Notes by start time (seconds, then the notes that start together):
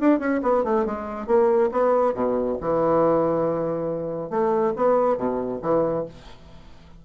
0.00 D4
0.19 C#4
0.42 B3
0.64 A3
0.86 G#3
1.27 A#3
1.72 B3
2.14 B2
2.61 E3
4.30 A3
4.76 B3
5.17 B2
5.62 E3